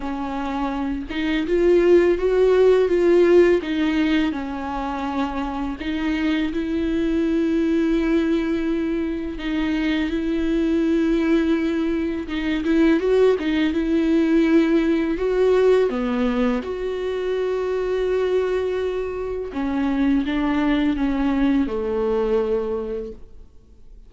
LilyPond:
\new Staff \with { instrumentName = "viola" } { \time 4/4 \tempo 4 = 83 cis'4. dis'8 f'4 fis'4 | f'4 dis'4 cis'2 | dis'4 e'2.~ | e'4 dis'4 e'2~ |
e'4 dis'8 e'8 fis'8 dis'8 e'4~ | e'4 fis'4 b4 fis'4~ | fis'2. cis'4 | d'4 cis'4 a2 | }